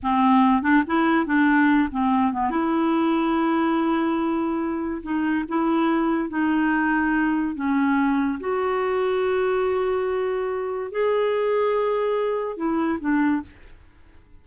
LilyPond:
\new Staff \with { instrumentName = "clarinet" } { \time 4/4 \tempo 4 = 143 c'4. d'8 e'4 d'4~ | d'8 c'4 b8 e'2~ | e'1 | dis'4 e'2 dis'4~ |
dis'2 cis'2 | fis'1~ | fis'2 gis'2~ | gis'2 e'4 d'4 | }